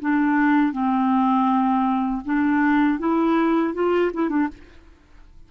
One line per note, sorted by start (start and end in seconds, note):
0.00 0.72 D4
0.72 2.22 C4
2.25 2.99 D4
2.99 3.74 E4
3.74 4.11 F4
4.13 4.29 E4
4.29 4.48 D4